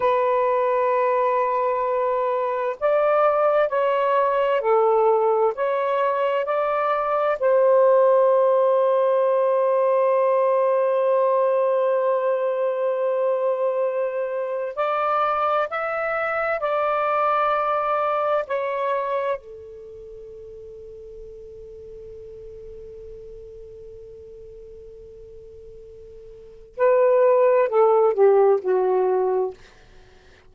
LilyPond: \new Staff \with { instrumentName = "saxophone" } { \time 4/4 \tempo 4 = 65 b'2. d''4 | cis''4 a'4 cis''4 d''4 | c''1~ | c''1 |
d''4 e''4 d''2 | cis''4 a'2.~ | a'1~ | a'4 b'4 a'8 g'8 fis'4 | }